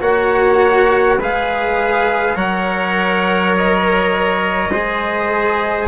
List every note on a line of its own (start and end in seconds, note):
0.00 1.18 A#3
0.00 1.18 F#4
0.00 1.18 C#5
0.00 1.19 F#5
1.19 2.35 G#3
1.19 2.35 G#4
1.19 2.36 B4
1.19 2.37 F5
2.35 4.69 F#3
2.35 4.70 A#4
2.35 4.71 C#5
2.35 3.55 F#5
3.56 5.87 D#5
4.69 5.87 G#3
4.69 5.87 G#4
4.69 5.87 C5